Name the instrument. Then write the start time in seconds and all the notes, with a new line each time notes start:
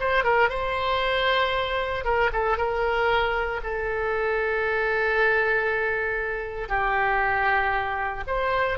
oboe
0.00 C5
0.24 A#4
0.49 C5
2.05 A#4
2.33 A4
2.58 A#4
3.63 A4
6.69 G4
8.27 C5